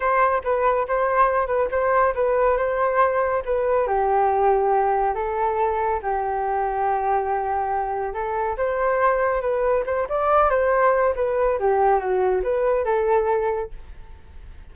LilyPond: \new Staff \with { instrumentName = "flute" } { \time 4/4 \tempo 4 = 140 c''4 b'4 c''4. b'8 | c''4 b'4 c''2 | b'4 g'2. | a'2 g'2~ |
g'2. a'4 | c''2 b'4 c''8 d''8~ | d''8 c''4. b'4 g'4 | fis'4 b'4 a'2 | }